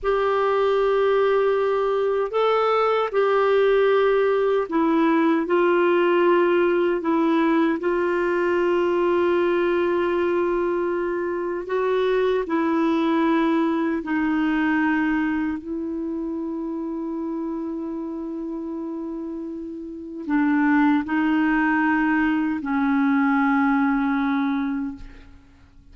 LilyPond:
\new Staff \with { instrumentName = "clarinet" } { \time 4/4 \tempo 4 = 77 g'2. a'4 | g'2 e'4 f'4~ | f'4 e'4 f'2~ | f'2. fis'4 |
e'2 dis'2 | e'1~ | e'2 d'4 dis'4~ | dis'4 cis'2. | }